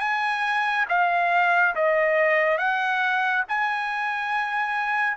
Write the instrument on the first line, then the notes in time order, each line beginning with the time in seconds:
trumpet
0.00 G#5
0.89 F5
1.75 D#5
2.58 F#5
3.48 G#5